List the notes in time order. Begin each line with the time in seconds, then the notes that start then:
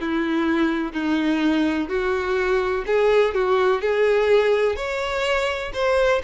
0.00 E4
0.93 D#4
1.89 F#4
2.86 G#4
3.34 F#4
3.81 G#4
4.76 C#5
5.73 C5